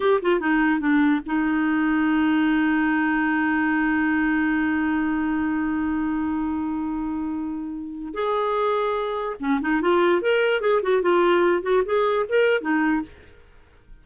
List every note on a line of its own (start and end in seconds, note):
0.00 0.20 G4
0.22 0.40 F4
0.40 0.80 D#4
0.80 1.20 D4
1.25 8.13 D#4
8.13 9.36 G#4
9.40 9.60 C#4
9.61 9.81 D#4
9.81 10.21 F4
10.21 10.60 A#4
10.60 10.81 G#4
10.82 11.01 F#4
11.01 11.62 F4
11.62 11.83 F#4
11.85 12.26 G#4
12.28 12.61 A#4
12.61 13.01 D#4